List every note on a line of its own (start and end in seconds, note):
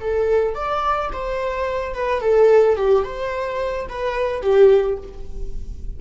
0.00 0.54 A4
0.54 1.10 D5
1.12 1.93 C5
1.93 2.21 B4
2.21 2.76 A4
2.76 3.03 G4
3.03 3.87 C5
3.88 4.41 B4
4.41 4.97 G4